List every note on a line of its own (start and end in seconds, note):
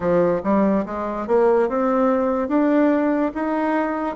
0.00 0.41 F3
0.43 0.85 G3
0.85 1.27 G#3
1.27 1.69 A#3
1.69 2.48 C4
2.48 3.31 D4
3.34 4.16 D#4